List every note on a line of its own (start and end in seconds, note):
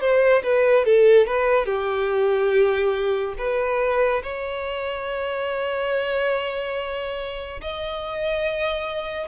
0.00 0.42 C5
0.43 0.85 B4
0.85 1.26 A4
1.26 1.65 B4
1.65 3.34 G4
3.38 4.22 B4
4.22 7.60 C#5
7.61 9.28 D#5